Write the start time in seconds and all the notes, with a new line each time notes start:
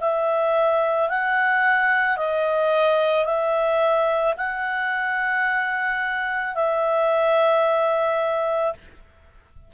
0.00 E5
1.09 F#5
2.17 D#5
3.25 E5
4.37 F#5
6.55 E5